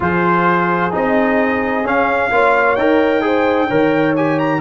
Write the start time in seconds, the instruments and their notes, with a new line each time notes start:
0.00 tuba F3, trombone F4, horn G#4, trumpet C5
0.91 tuba C4, trombone D#4, trumpet D#5
1.84 trombone C#4, tuba C#4, trumpet F5
2.31 tuba A#3, trombone F4, horn C#5
2.75 tuba D#4, trombone A#4, trumpet G5
3.21 trombone G#4, horn C5
3.68 tuba D#3, trombone A#4, horn C#5
4.16 trombone G4, trumpet G#5
4.38 trumpet A#5